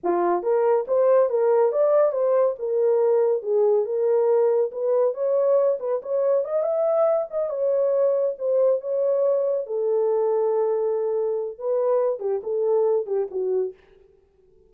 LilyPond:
\new Staff \with { instrumentName = "horn" } { \time 4/4 \tempo 4 = 140 f'4 ais'4 c''4 ais'4 | d''4 c''4 ais'2 | gis'4 ais'2 b'4 | cis''4. b'8 cis''4 dis''8 e''8~ |
e''4 dis''8 cis''2 c''8~ | c''8 cis''2 a'4.~ | a'2. b'4~ | b'8 g'8 a'4. g'8 fis'4 | }